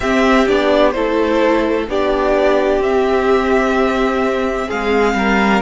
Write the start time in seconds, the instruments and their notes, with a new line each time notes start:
0.00 cello C4, viola C4, violin G4 E5
0.47 cello B3, viola D4, violin D5
0.91 cello A3, viola E4, violin A4 C5
1.88 cello B3, viola D4, violin G4 D5
2.78 cello C4, viola C4, violin E5
4.67 cello G#3, violin G#4 F5
5.14 cello G3, violin A#4